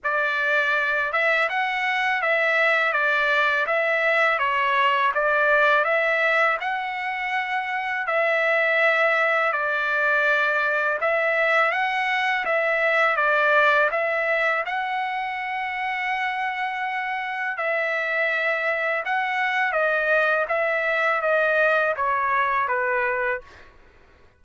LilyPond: \new Staff \with { instrumentName = "trumpet" } { \time 4/4 \tempo 4 = 82 d''4. e''8 fis''4 e''4 | d''4 e''4 cis''4 d''4 | e''4 fis''2 e''4~ | e''4 d''2 e''4 |
fis''4 e''4 d''4 e''4 | fis''1 | e''2 fis''4 dis''4 | e''4 dis''4 cis''4 b'4 | }